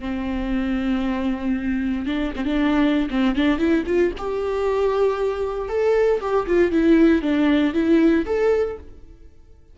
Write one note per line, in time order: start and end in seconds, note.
0.00 2.07 C4
2.07 2.33 D4
2.36 2.45 C4
2.45 3.09 D4
3.10 3.36 C4
3.36 3.58 D4
3.58 3.84 E4
3.87 4.12 F4
4.18 5.69 G4
5.69 6.21 A4
6.21 6.47 G4
6.47 6.72 F4
6.72 7.22 E4
7.22 7.74 D4
7.74 8.25 E4
8.26 8.78 A4